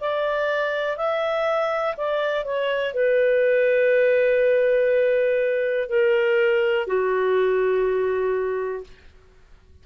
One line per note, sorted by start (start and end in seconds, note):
0.00 0.97 D5
0.97 1.95 E5
1.97 2.45 D5
2.45 2.94 C#5
2.94 5.89 B4
5.89 6.87 A#4
6.87 8.84 F#4